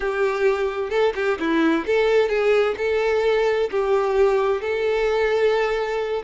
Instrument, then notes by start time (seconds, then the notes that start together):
violin
0.00 G4
0.90 A4
1.15 G4
1.39 E4
1.86 A4
2.28 G#4
2.77 A4
3.70 G4
4.61 A4